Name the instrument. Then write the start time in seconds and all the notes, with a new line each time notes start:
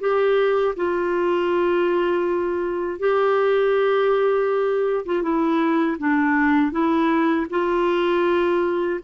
clarinet
0.00 G4
0.76 F4
2.99 G4
5.06 F4
5.23 E4
5.99 D4
6.72 E4
7.50 F4